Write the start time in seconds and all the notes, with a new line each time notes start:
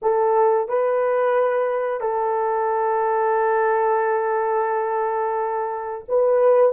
0.02 A4
0.68 B4
2.00 A4
6.08 B4